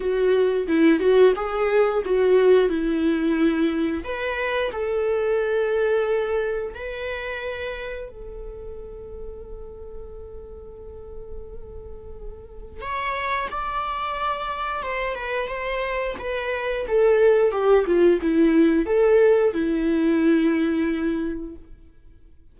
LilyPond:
\new Staff \with { instrumentName = "viola" } { \time 4/4 \tempo 4 = 89 fis'4 e'8 fis'8 gis'4 fis'4 | e'2 b'4 a'4~ | a'2 b'2 | a'1~ |
a'2. cis''4 | d''2 c''8 b'8 c''4 | b'4 a'4 g'8 f'8 e'4 | a'4 e'2. | }